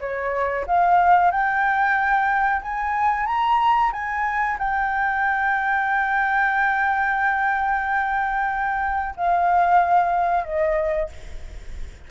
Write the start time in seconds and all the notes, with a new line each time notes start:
0.00 C#5
0.67 F5
1.31 G5
2.62 G#5
3.27 A#5
3.92 G#5
4.59 G5
9.17 F5
10.44 D#5